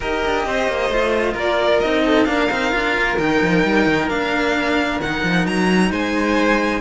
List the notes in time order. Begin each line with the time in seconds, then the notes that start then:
0.00 D#4 G4 A#4 D#5
0.25 D4
0.45 C4 C5
0.67 A#3
0.89 A3 F4
1.33 A#3 A#4 D5
1.80 C4 D#4 D#5
2.05 A4
2.24 A#3 D4 A#4 F5
2.50 C4 D#4
2.71 D4 F4
2.97 A#3
3.18 D#3 D#4 G5
3.41 F3
3.64 G3
3.86 D#3
4.08 A#3 D4 F5
4.99 D#3 D#4 F#5
5.23 F3
5.46 F#3 A#5
5.90 G#3 C5 G#5